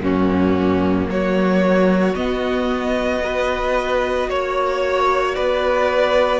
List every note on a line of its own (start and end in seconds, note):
0.00 1.07 F#2
0.00 2.14 A#3
0.00 1.10 C#4
0.00 1.10 F#4
1.08 2.15 F#3
1.08 3.23 F#4
1.08 2.16 C#5
2.15 3.22 B3
2.15 4.29 B3
2.15 4.29 D#5
3.23 6.40 F#4
3.23 4.30 B4
4.29 5.36 A#3
4.29 5.35 C#5
5.35 6.40 B3
5.35 6.40 B4
5.35 6.40 D5